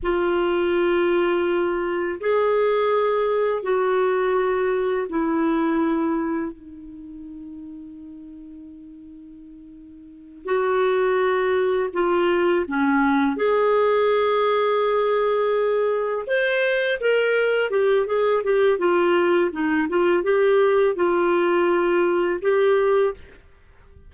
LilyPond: \new Staff \with { instrumentName = "clarinet" } { \time 4/4 \tempo 4 = 83 f'2. gis'4~ | gis'4 fis'2 e'4~ | e'4 dis'2.~ | dis'2~ dis'8 fis'4.~ |
fis'8 f'4 cis'4 gis'4.~ | gis'2~ gis'8 c''4 ais'8~ | ais'8 g'8 gis'8 g'8 f'4 dis'8 f'8 | g'4 f'2 g'4 | }